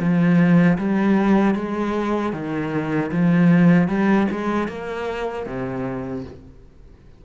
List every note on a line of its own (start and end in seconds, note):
0.00 0.78 F3
0.78 1.55 G3
1.55 2.33 G#3
2.33 3.11 D#3
3.12 3.89 F3
3.89 4.28 G3
4.31 4.68 G#3
4.68 5.46 A#3
5.46 6.24 C3